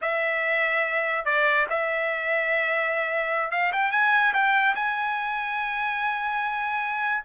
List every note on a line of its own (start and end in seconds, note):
0.01 1.25 E5
1.25 1.66 D5
1.69 3.51 E5
3.51 3.72 F5
3.72 3.91 G5
3.91 4.33 G#5
4.33 4.75 G5
4.75 7.23 G#5